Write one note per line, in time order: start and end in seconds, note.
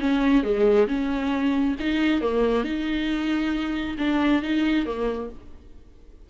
0.00 0.44 C#4
0.44 0.88 G#3
0.88 1.76 C#4
1.80 2.21 D#4
2.21 2.64 A#3
2.64 3.97 D#4
3.98 4.42 D4
4.42 4.86 D#4
4.86 5.30 A#3